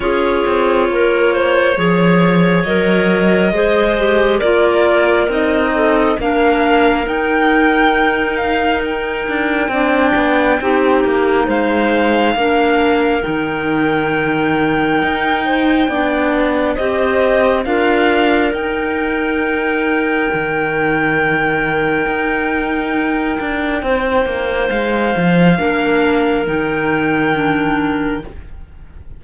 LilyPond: <<
  \new Staff \with { instrumentName = "violin" } { \time 4/4 \tempo 4 = 68 cis''2. dis''4~ | dis''4 d''4 dis''4 f''4 | g''4. f''8 g''2~ | g''4 f''2 g''4~ |
g''2. dis''4 | f''4 g''2.~ | g''1 | f''2 g''2 | }
  \new Staff \with { instrumentName = "clarinet" } { \time 4/4 gis'4 ais'8 c''8 cis''2 | c''4 ais'4. a'8 ais'4~ | ais'2. d''4 | g'4 c''4 ais'2~ |
ais'4. c''8 d''4 c''4 | ais'1~ | ais'2. c''4~ | c''4 ais'2. | }
  \new Staff \with { instrumentName = "clarinet" } { \time 4/4 f'2 gis'4 ais'4 | gis'8 g'8 f'4 dis'4 d'4 | dis'2. d'4 | dis'2 d'4 dis'4~ |
dis'2 d'4 g'4 | f'4 dis'2.~ | dis'1~ | dis'4 d'4 dis'4 d'4 | }
  \new Staff \with { instrumentName = "cello" } { \time 4/4 cis'8 c'8 ais4 f4 fis4 | gis4 ais4 c'4 ais4 | dis'2~ dis'8 d'8 c'8 b8 | c'8 ais8 gis4 ais4 dis4~ |
dis4 dis'4 b4 c'4 | d'4 dis'2 dis4~ | dis4 dis'4. d'8 c'8 ais8 | gis8 f8 ais4 dis2 | }
>>